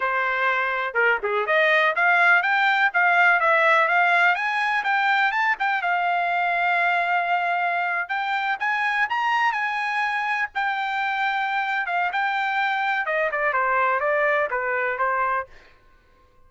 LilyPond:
\new Staff \with { instrumentName = "trumpet" } { \time 4/4 \tempo 4 = 124 c''2 ais'8 gis'8 dis''4 | f''4 g''4 f''4 e''4 | f''4 gis''4 g''4 a''8 g''8 | f''1~ |
f''8. g''4 gis''4 ais''4 gis''16~ | gis''4.~ gis''16 g''2~ g''16~ | g''8 f''8 g''2 dis''8 d''8 | c''4 d''4 b'4 c''4 | }